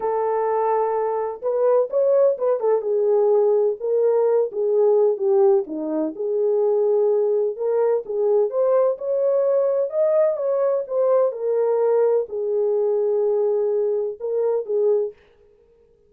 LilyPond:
\new Staff \with { instrumentName = "horn" } { \time 4/4 \tempo 4 = 127 a'2. b'4 | cis''4 b'8 a'8 gis'2 | ais'4. gis'4. g'4 | dis'4 gis'2. |
ais'4 gis'4 c''4 cis''4~ | cis''4 dis''4 cis''4 c''4 | ais'2 gis'2~ | gis'2 ais'4 gis'4 | }